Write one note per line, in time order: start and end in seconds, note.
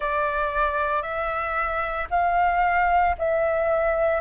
0.00 1.02 D5
1.02 2.07 E5
2.10 3.15 F5
3.18 4.21 E5